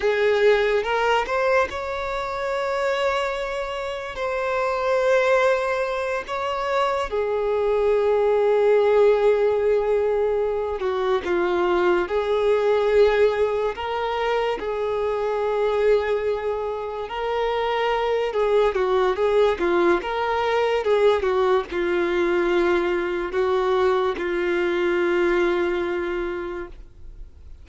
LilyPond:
\new Staff \with { instrumentName = "violin" } { \time 4/4 \tempo 4 = 72 gis'4 ais'8 c''8 cis''2~ | cis''4 c''2~ c''8 cis''8~ | cis''8 gis'2.~ gis'8~ | gis'4 fis'8 f'4 gis'4.~ |
gis'8 ais'4 gis'2~ gis'8~ | gis'8 ais'4. gis'8 fis'8 gis'8 f'8 | ais'4 gis'8 fis'8 f'2 | fis'4 f'2. | }